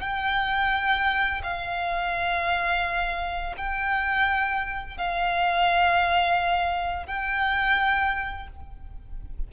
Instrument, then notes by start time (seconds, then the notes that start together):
violin
0.00 G5
1.43 F5
3.57 G5
4.97 F5
7.06 G5